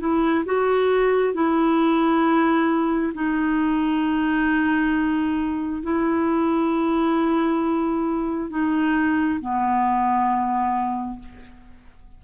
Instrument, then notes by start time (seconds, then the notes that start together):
clarinet
0.00 E4
0.46 F#4
1.34 E4
3.14 D#4
5.83 E4
8.50 D#4
9.40 B3